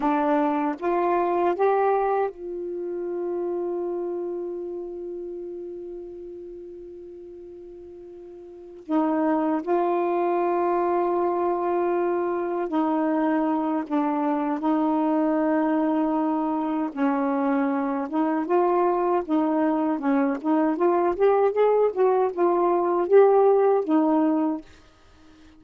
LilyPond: \new Staff \with { instrumentName = "saxophone" } { \time 4/4 \tempo 4 = 78 d'4 f'4 g'4 f'4~ | f'1~ | f'2.~ f'8 dis'8~ | dis'8 f'2.~ f'8~ |
f'8 dis'4. d'4 dis'4~ | dis'2 cis'4. dis'8 | f'4 dis'4 cis'8 dis'8 f'8 g'8 | gis'8 fis'8 f'4 g'4 dis'4 | }